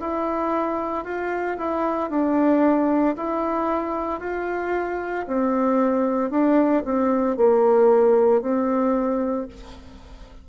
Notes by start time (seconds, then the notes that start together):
0.00 E4
1.05 F4
1.58 E4
2.10 D4
3.16 E4
4.20 F4
5.27 C4
6.31 D4
6.85 C4
7.37 A#3
8.42 C4